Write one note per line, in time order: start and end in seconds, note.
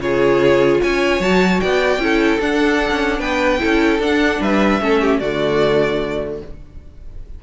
0.00 0.80 C#3
0.00 1.20 F4
0.00 0.81 G#4
0.00 0.81 C#5
0.81 1.20 C#4
0.81 1.61 C#5
0.81 1.22 G#5
1.20 1.60 F#3
1.20 2.00 F#4
1.20 1.60 A5
1.60 1.98 B3
1.60 2.02 D5
1.60 2.40 G5
1.98 2.38 C#4
1.98 2.40 E4
1.98 3.19 A4
2.40 2.90 D4
2.40 3.59 D4
2.40 3.20 F#5
2.91 3.19 C#4
3.19 3.59 B3
3.19 3.59 B4
3.19 4.00 G5
3.59 3.99 E4
3.59 4.41 A4
3.65 3.99 C#4
3.99 4.39 D4
3.99 4.81 D4
3.99 4.42 F#5
4.40 4.80 G3
4.40 4.81 B4
4.40 5.19 E5
4.81 5.21 A3
4.81 5.21 C#4
4.81 5.01 A4
5.01 5.20 G4
5.19 6.41 D3
5.19 6.43 A3
5.19 6.40 F#4
5.19 6.39 D5